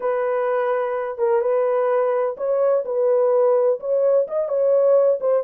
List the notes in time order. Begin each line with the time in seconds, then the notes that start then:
0.00 B4
1.18 A#4
1.41 B4
2.37 C#5
2.85 B4
3.79 C#5
4.27 D#5
4.48 C#5
5.20 C5